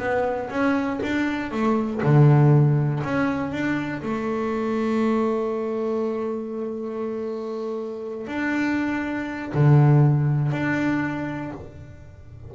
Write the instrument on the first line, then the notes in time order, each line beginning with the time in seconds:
double bass
0.00 B3
0.50 C#4
1.03 D4
1.52 A3
2.03 D3
3.04 C#4
3.52 D4
4.03 A3
8.28 D4
9.55 D3
10.52 D4